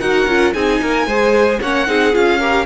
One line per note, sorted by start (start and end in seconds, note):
0.00 0.27 D#4
0.00 0.28 F#4
0.00 0.54 A#4
0.00 0.53 F#5
0.27 0.53 C#4
0.27 0.54 F4
0.54 0.81 C4
0.54 1.07 D#4
0.54 0.81 G#4
0.54 1.60 G#5
0.82 1.06 A#3
0.82 1.07 A#4
1.06 1.60 G#3
1.06 1.62 G#4
1.06 1.60 C5
1.62 1.88 A#3
1.62 1.87 C#4
1.62 1.88 C#5
1.62 2.15 F#5
1.87 2.14 C4
1.87 2.13 D#4
1.87 2.40 G#4
2.13 2.66 C#4
2.13 2.39 F4
2.13 2.66 F5
2.40 2.66 G4
2.40 2.66 A#4